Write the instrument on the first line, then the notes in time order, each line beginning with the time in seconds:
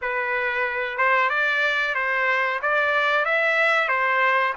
trumpet
0.01 B4
0.97 C5
1.29 D5
1.94 C5
2.62 D5
3.25 E5
3.88 C5